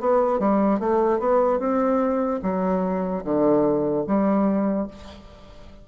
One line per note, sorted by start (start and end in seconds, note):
0.00 0.39 B3
0.39 0.80 G3
0.80 1.19 A3
1.19 1.59 B3
1.59 2.40 C4
2.43 3.24 F#3
3.24 4.05 D3
4.07 4.88 G3